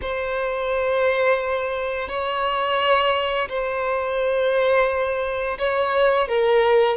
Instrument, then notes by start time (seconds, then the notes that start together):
violin
0.01 C5
2.08 C#5
3.48 C5
5.58 C#5
6.28 A#4